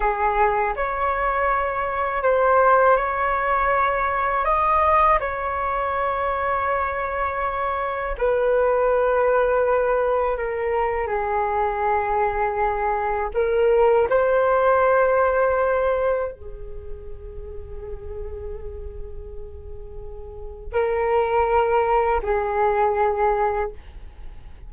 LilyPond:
\new Staff \with { instrumentName = "flute" } { \time 4/4 \tempo 4 = 81 gis'4 cis''2 c''4 | cis''2 dis''4 cis''4~ | cis''2. b'4~ | b'2 ais'4 gis'4~ |
gis'2 ais'4 c''4~ | c''2 gis'2~ | gis'1 | ais'2 gis'2 | }